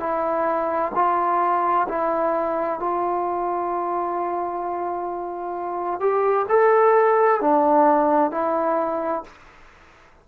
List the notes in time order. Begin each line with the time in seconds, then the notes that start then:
0.00 E4
0.95 F4
1.89 E4
2.80 F4
6.00 G4
6.50 A4
7.41 D4
8.32 E4